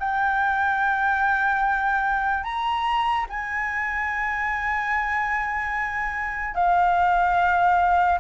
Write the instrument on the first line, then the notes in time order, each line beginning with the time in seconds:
flute
0.00 G5
2.44 A#5
3.30 G#5
6.55 F5